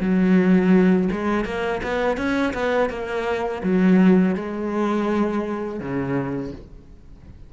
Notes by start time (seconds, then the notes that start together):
0.00 F#3
1.11 G#3
1.45 A#3
1.83 B3
2.17 C#4
2.53 B3
2.89 A#3
3.63 F#3
4.35 G#3
5.79 C#3